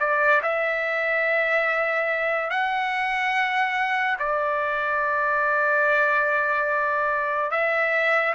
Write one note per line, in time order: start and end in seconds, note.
0.00 0.42 D5
0.43 2.50 E5
2.50 4.17 F#5
4.19 7.51 D5
7.51 8.34 E5